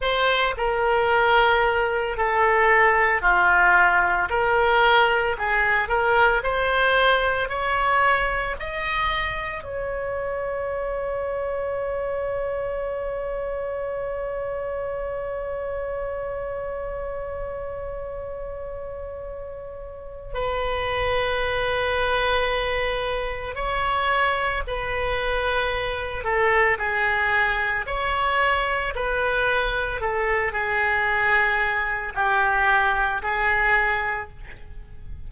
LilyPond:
\new Staff \with { instrumentName = "oboe" } { \time 4/4 \tempo 4 = 56 c''8 ais'4. a'4 f'4 | ais'4 gis'8 ais'8 c''4 cis''4 | dis''4 cis''2.~ | cis''1~ |
cis''2. b'4~ | b'2 cis''4 b'4~ | b'8 a'8 gis'4 cis''4 b'4 | a'8 gis'4. g'4 gis'4 | }